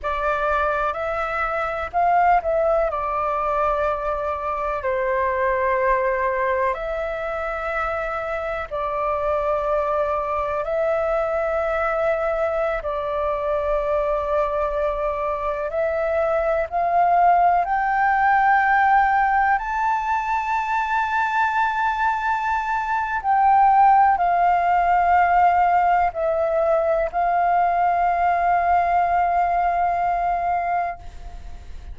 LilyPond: \new Staff \with { instrumentName = "flute" } { \time 4/4 \tempo 4 = 62 d''4 e''4 f''8 e''8 d''4~ | d''4 c''2 e''4~ | e''4 d''2 e''4~ | e''4~ e''16 d''2~ d''8.~ |
d''16 e''4 f''4 g''4.~ g''16~ | g''16 a''2.~ a''8. | g''4 f''2 e''4 | f''1 | }